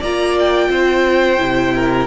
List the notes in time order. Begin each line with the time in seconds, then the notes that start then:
0.00 A#3 F4 D5 A#5
0.39 G5
0.69 C4 C5
1.39 C3 E4
1.76 A#4